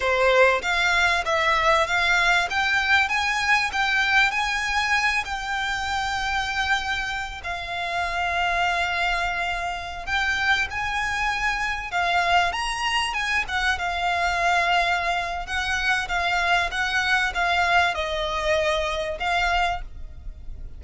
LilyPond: \new Staff \with { instrumentName = "violin" } { \time 4/4 \tempo 4 = 97 c''4 f''4 e''4 f''4 | g''4 gis''4 g''4 gis''4~ | gis''8 g''2.~ g''8 | f''1~ |
f''16 g''4 gis''2 f''8.~ | f''16 ais''4 gis''8 fis''8 f''4.~ f''16~ | f''4 fis''4 f''4 fis''4 | f''4 dis''2 f''4 | }